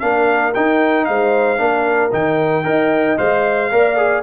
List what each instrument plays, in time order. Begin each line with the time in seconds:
0.00 tuba A#3, trombone D4, horn A#4, trumpet F5
0.54 trombone D#4, tuba D#4, trumpet G5
1.05 tuba G#3, horn C5, trumpet F5
1.58 tuba A#3, trombone D4, horn A#4
2.12 tuba D#3, trombone D#4, trumpet G5
2.64 tuba D#4, trombone A#4, horn D#5
3.18 tuba G#3, trombone C5, trumpet F5
3.71 tuba A#3, trombone A#4, horn D5
3.97 trombone G#4